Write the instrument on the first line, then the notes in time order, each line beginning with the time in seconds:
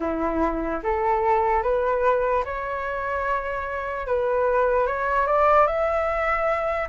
flute
0.00 E4
0.83 A4
1.63 B4
2.44 C#5
4.07 B4
4.86 C#5
5.26 D5
5.66 E5